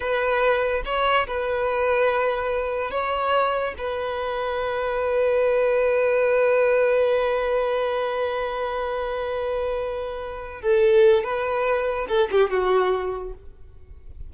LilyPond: \new Staff \with { instrumentName = "violin" } { \time 4/4 \tempo 4 = 144 b'2 cis''4 b'4~ | b'2. cis''4~ | cis''4 b'2.~ | b'1~ |
b'1~ | b'1~ | b'4. a'4. b'4~ | b'4 a'8 g'8 fis'2 | }